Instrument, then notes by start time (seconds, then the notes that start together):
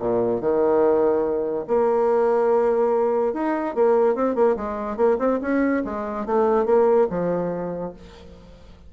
bassoon
0.00 A#2
0.41 D#3
1.68 A#3
3.34 D#4
3.76 A#3
4.15 C4
4.35 A#3
4.56 G#3
4.97 A#3
5.19 C4
5.42 C#4
5.85 G#3
6.26 A3
6.66 A#3
7.10 F3